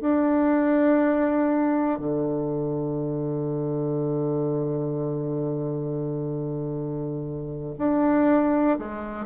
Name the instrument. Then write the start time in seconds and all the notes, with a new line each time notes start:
bassoon
0.00 D4
1.99 D3
7.78 D4
8.78 G#3